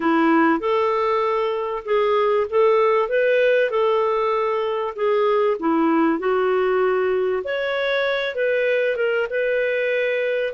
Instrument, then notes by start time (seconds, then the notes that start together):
clarinet
0.00 E4
0.59 A4
1.85 G#4
2.50 A4
3.08 B4
3.70 A4
4.95 G#4
5.59 E4
6.19 F#4
7.44 C#5
8.35 B4
8.96 A#4
9.30 B4